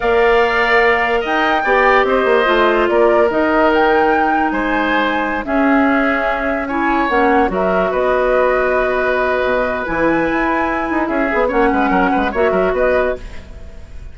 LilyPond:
<<
  \new Staff \with { instrumentName = "flute" } { \time 4/4 \tempo 4 = 146 f''2. g''4~ | g''4 dis''2 d''4 | dis''4 g''2 gis''4~ | gis''4~ gis''16 e''2~ e''8.~ |
e''16 gis''4 fis''4 e''4 dis''8.~ | dis''1 | gis''2. e''4 | fis''2 e''4 dis''4 | }
  \new Staff \with { instrumentName = "oboe" } { \time 4/4 d''2. dis''4 | d''4 c''2 ais'4~ | ais'2. c''4~ | c''4~ c''16 gis'2~ gis'8.~ |
gis'16 cis''2 ais'4 b'8.~ | b'1~ | b'2. gis'4 | cis''8 b'8 ais'8 b'8 cis''8 ais'8 b'4 | }
  \new Staff \with { instrumentName = "clarinet" } { \time 4/4 ais'1 | g'2 f'2 | dis'1~ | dis'4~ dis'16 cis'2~ cis'8.~ |
cis'16 e'4 cis'4 fis'4.~ fis'16~ | fis'1 | e'2.~ e'8 gis'8 | cis'2 fis'2 | }
  \new Staff \with { instrumentName = "bassoon" } { \time 4/4 ais2. dis'4 | b4 c'8 ais8 a4 ais4 | dis2. gis4~ | gis4~ gis16 cis'2~ cis'8.~ |
cis'4~ cis'16 ais4 fis4 b8.~ | b2. b,4 | e4 e'4. dis'8 cis'8 b8 | ais8 gis8 fis8 gis8 ais8 fis8 b4 | }
>>